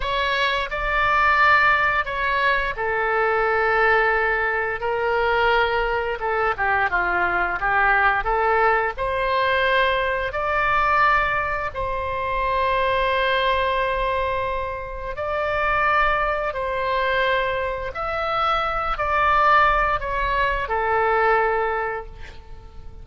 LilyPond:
\new Staff \with { instrumentName = "oboe" } { \time 4/4 \tempo 4 = 87 cis''4 d''2 cis''4 | a'2. ais'4~ | ais'4 a'8 g'8 f'4 g'4 | a'4 c''2 d''4~ |
d''4 c''2.~ | c''2 d''2 | c''2 e''4. d''8~ | d''4 cis''4 a'2 | }